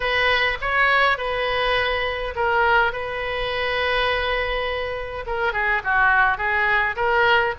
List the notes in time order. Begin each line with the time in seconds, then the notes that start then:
0.00 B4
0.61 C#5
1.17 B4
2.35 A#4
2.92 B4
5.26 A#4
5.52 G#4
5.84 F#4
6.37 G#4
6.96 A#4